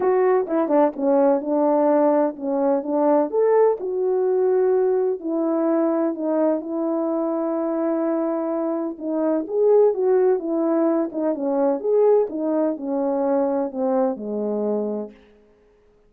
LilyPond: \new Staff \with { instrumentName = "horn" } { \time 4/4 \tempo 4 = 127 fis'4 e'8 d'8 cis'4 d'4~ | d'4 cis'4 d'4 a'4 | fis'2. e'4~ | e'4 dis'4 e'2~ |
e'2. dis'4 | gis'4 fis'4 e'4. dis'8 | cis'4 gis'4 dis'4 cis'4~ | cis'4 c'4 gis2 | }